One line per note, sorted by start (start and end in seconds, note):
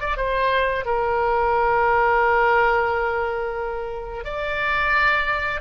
0.00 0.17 D5
0.17 0.85 C5
0.85 4.24 A#4
4.24 5.61 D5